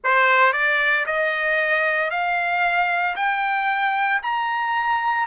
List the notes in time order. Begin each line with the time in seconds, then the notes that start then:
0.03 C5
0.53 D5
1.06 D#5
2.10 F5
3.16 G5
4.22 A#5